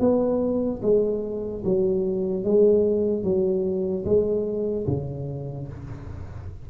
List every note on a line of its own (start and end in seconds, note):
0.00 0.81 B3
0.82 1.63 G#3
1.65 2.44 F#3
2.44 3.23 G#3
3.23 4.04 F#3
4.05 4.86 G#3
4.87 5.68 C#3